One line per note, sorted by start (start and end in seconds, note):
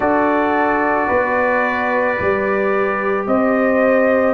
0.00 1.07 D4
0.00 2.17 F#4
0.00 1.07 A4
0.00 3.26 D5
1.07 2.18 B3
1.07 3.25 B4
2.17 3.26 G3
2.17 4.34 G4
3.26 4.34 C4
3.26 4.34 C5
3.26 4.34 D#5